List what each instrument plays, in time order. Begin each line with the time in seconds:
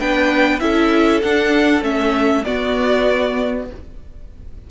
0.00 cello B3, viola D4, violin B4 G5
0.59 cello C#4, viola E4, violin A4 E5
1.22 cello D4, viola D4, violin F#5
1.81 cello A3, viola C#4, violin E5
2.44 viola B3, cello B3, violin F#4 D5